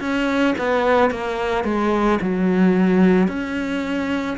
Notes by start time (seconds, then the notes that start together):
0.00 C#4
0.59 B3
1.11 A#3
1.64 G#3
2.21 F#3
3.28 C#4